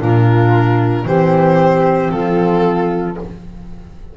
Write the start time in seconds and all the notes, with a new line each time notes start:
0.00 A#2 D4 F4 A#4
1.05 E3 C4 G4 C5
2.10 F3 F4 A4